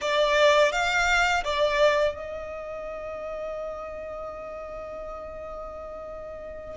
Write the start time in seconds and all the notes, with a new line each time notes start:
0.01 D5
0.72 F5
1.44 D5
2.14 D#5